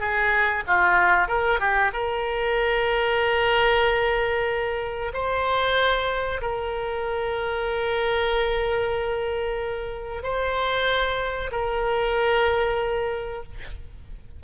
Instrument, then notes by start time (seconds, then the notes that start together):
oboe
0.00 G#4
0.67 F4
1.28 A#4
1.60 G4
1.93 A#4
5.14 C5
6.42 A#4
10.23 C5
11.52 A#4